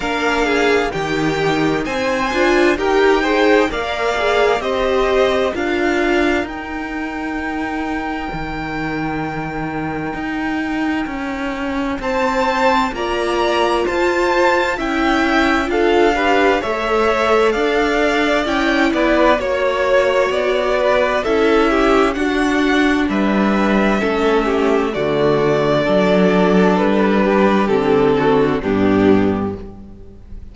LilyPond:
<<
  \new Staff \with { instrumentName = "violin" } { \time 4/4 \tempo 4 = 65 f''4 g''4 gis''4 g''4 | f''4 dis''4 f''4 g''4~ | g''1~ | g''4 a''4 ais''4 a''4 |
g''4 f''4 e''4 f''4 | g''8 d''8 cis''4 d''4 e''4 | fis''4 e''2 d''4~ | d''4 b'4 a'4 g'4 | }
  \new Staff \with { instrumentName = "violin" } { \time 4/4 ais'8 gis'8 g'4 c''4 ais'8 c''8 | d''4 c''4 ais'2~ | ais'1~ | ais'4 c''4 d''4 c''4 |
e''4 a'8 b'8 cis''4 d''4~ | d''8 b'8 cis''4. b'8 a'8 g'8 | fis'4 b'4 a'8 g'8 fis'4 | a'4. g'4 fis'8 d'4 | }
  \new Staff \with { instrumentName = "viola" } { \time 4/4 d'4 dis'4. f'8 g'8 gis'8 | ais'8 gis'8 g'4 f'4 dis'4~ | dis'1~ | dis'2 f'2 |
e'4 f'8 g'8 a'2 | e'4 fis'2 e'4 | d'2 cis'4 a4 | d'2 c'4 b4 | }
  \new Staff \with { instrumentName = "cello" } { \time 4/4 ais4 dis4 c'8 d'8 dis'4 | ais4 c'4 d'4 dis'4~ | dis'4 dis2 dis'4 | cis'4 c'4 ais4 f'4 |
cis'4 d'4 a4 d'4 | cis'8 b8 ais4 b4 cis'4 | d'4 g4 a4 d4 | fis4 g4 d4 g,4 | }
>>